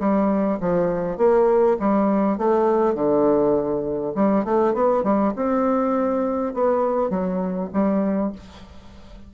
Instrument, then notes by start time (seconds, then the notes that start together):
bassoon
0.00 G3
0.60 F3
1.18 A#3
1.80 G3
2.38 A3
2.95 D3
4.15 G3
4.45 A3
4.74 B3
5.04 G3
5.36 C4
6.54 B3
7.10 F#3
7.73 G3